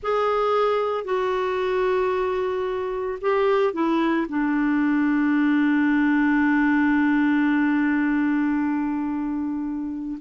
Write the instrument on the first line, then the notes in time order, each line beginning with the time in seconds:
clarinet
0.02 G#4
1.04 F#4
3.21 G4
3.73 E4
4.28 D4